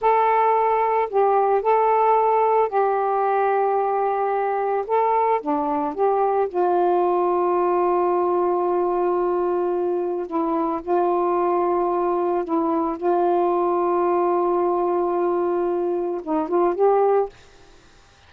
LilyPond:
\new Staff \with { instrumentName = "saxophone" } { \time 4/4 \tempo 4 = 111 a'2 g'4 a'4~ | a'4 g'2.~ | g'4 a'4 d'4 g'4 | f'1~ |
f'2. e'4 | f'2. e'4 | f'1~ | f'2 dis'8 f'8 g'4 | }